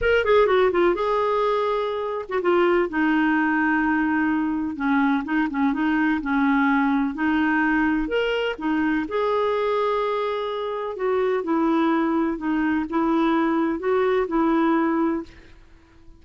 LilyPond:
\new Staff \with { instrumentName = "clarinet" } { \time 4/4 \tempo 4 = 126 ais'8 gis'8 fis'8 f'8 gis'2~ | gis'8. fis'16 f'4 dis'2~ | dis'2 cis'4 dis'8 cis'8 | dis'4 cis'2 dis'4~ |
dis'4 ais'4 dis'4 gis'4~ | gis'2. fis'4 | e'2 dis'4 e'4~ | e'4 fis'4 e'2 | }